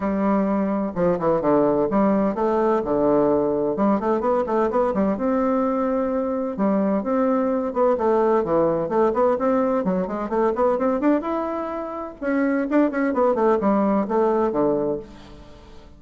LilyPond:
\new Staff \with { instrumentName = "bassoon" } { \time 4/4 \tempo 4 = 128 g2 f8 e8 d4 | g4 a4 d2 | g8 a8 b8 a8 b8 g8 c'4~ | c'2 g4 c'4~ |
c'8 b8 a4 e4 a8 b8 | c'4 fis8 gis8 a8 b8 c'8 d'8 | e'2 cis'4 d'8 cis'8 | b8 a8 g4 a4 d4 | }